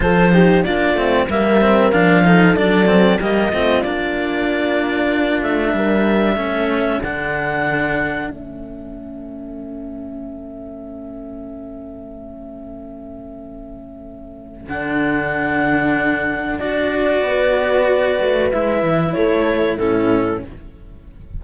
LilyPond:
<<
  \new Staff \with { instrumentName = "clarinet" } { \time 4/4 \tempo 4 = 94 c''4 d''4 e''4 f''4 | d''4 dis''4 d''2~ | d''8 e''2~ e''8 fis''4~ | fis''4 e''2.~ |
e''1~ | e''2. fis''4~ | fis''2 d''2~ | d''4 e''4 cis''4 a'4 | }
  \new Staff \with { instrumentName = "horn" } { \time 4/4 a'8 g'8 f'4 ais'4. a'8~ | a'4 g'8 f'2~ f'8~ | f'4 ais'4 a'2~ | a'1~ |
a'1~ | a'1~ | a'2. b'4~ | b'2 a'4 e'4 | }
  \new Staff \with { instrumentName = "cello" } { \time 4/4 f'8 dis'8 d'8 c'8 ais8 c'8 d'8 dis'8 | d'8 c'8 ais8 c'8 d'2~ | d'2 cis'4 d'4~ | d'4 cis'2.~ |
cis'1~ | cis'2. d'4~ | d'2 fis'2~ | fis'4 e'2 cis'4 | }
  \new Staff \with { instrumentName = "cello" } { \time 4/4 f4 ais8 a8 g4 f4 | fis4 g8 a8 ais2~ | ais8 a8 g4 a4 d4~ | d4 a2.~ |
a1~ | a2. d4~ | d2 d'4 b4~ | b8 a8 gis8 e8 a4 a,4 | }
>>